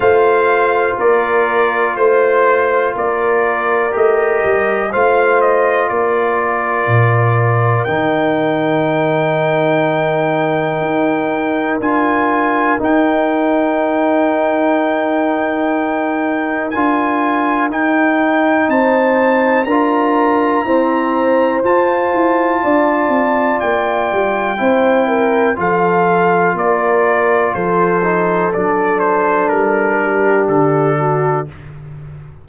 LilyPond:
<<
  \new Staff \with { instrumentName = "trumpet" } { \time 4/4 \tempo 4 = 61 f''4 d''4 c''4 d''4 | dis''4 f''8 dis''8 d''2 | g''1 | gis''4 g''2.~ |
g''4 gis''4 g''4 a''4 | ais''2 a''2 | g''2 f''4 d''4 | c''4 d''8 c''8 ais'4 a'4 | }
  \new Staff \with { instrumentName = "horn" } { \time 4/4 c''4 ais'4 c''4 ais'4~ | ais'4 c''4 ais'2~ | ais'1~ | ais'1~ |
ais'2. c''4 | ais'4 c''2 d''4~ | d''4 c''8 ais'8 a'4 ais'4 | a'2~ a'8 g'4 fis'8 | }
  \new Staff \with { instrumentName = "trombone" } { \time 4/4 f'1 | g'4 f'2. | dis'1 | f'4 dis'2.~ |
dis'4 f'4 dis'2 | f'4 c'4 f'2~ | f'4 e'4 f'2~ | f'8 dis'8 d'2. | }
  \new Staff \with { instrumentName = "tuba" } { \time 4/4 a4 ais4 a4 ais4 | a8 g8 a4 ais4 ais,4 | dis2. dis'4 | d'4 dis'2.~ |
dis'4 d'4 dis'4 c'4 | d'4 e'4 f'8 e'8 d'8 c'8 | ais8 g8 c'4 f4 ais4 | f4 fis4 g4 d4 | }
>>